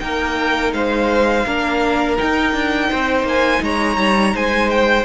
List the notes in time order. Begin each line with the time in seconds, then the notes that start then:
0.00 A#3 D#4 A#4 G5
0.73 G#3 C5 F5
1.46 A#3 D4 A#4
2.17 D#4 G5
2.54 D4
2.90 C4 C5
3.24 A#3 G#5
3.62 G#3 C#5 A#5
3.97 G3
4.34 G#3 C5 G#5
4.70 G5